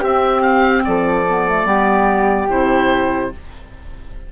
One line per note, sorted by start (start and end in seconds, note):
0.00 1.25 C4
0.00 0.85 C4
0.00 0.82 G4
0.00 0.42 E5
0.42 0.83 F5
0.84 1.65 F3
0.84 1.67 A4
0.84 2.49 D5
1.28 1.48 B3
1.48 1.66 A3
1.65 2.47 G3
1.65 2.48 B3
1.65 3.32 G4
2.49 3.33 C3
2.49 3.31 E4
2.49 3.32 C5